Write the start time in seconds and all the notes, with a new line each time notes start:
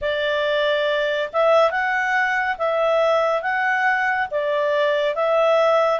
0.01 D5
1.32 E5
1.71 F#5
2.58 E5
3.42 F#5
4.31 D5
5.15 E5